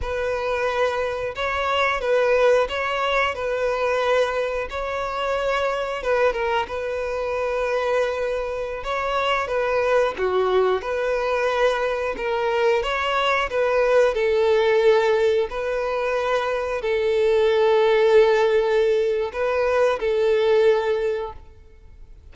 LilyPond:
\new Staff \with { instrumentName = "violin" } { \time 4/4 \tempo 4 = 90 b'2 cis''4 b'4 | cis''4 b'2 cis''4~ | cis''4 b'8 ais'8 b'2~ | b'4~ b'16 cis''4 b'4 fis'8.~ |
fis'16 b'2 ais'4 cis''8.~ | cis''16 b'4 a'2 b'8.~ | b'4~ b'16 a'2~ a'8.~ | a'4 b'4 a'2 | }